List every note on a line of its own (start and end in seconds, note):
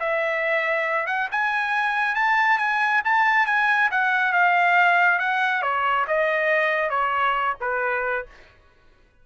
0.00 1.07 E5
1.07 1.29 F#5
1.31 2.15 G#5
2.15 2.58 A5
2.58 3.02 G#5
3.05 3.46 A5
3.46 3.90 G#5
3.91 4.33 F#5
4.33 5.19 F5
5.19 5.62 F#5
5.62 6.06 C#5
6.08 6.90 D#5
6.90 7.55 C#5
7.61 8.26 B4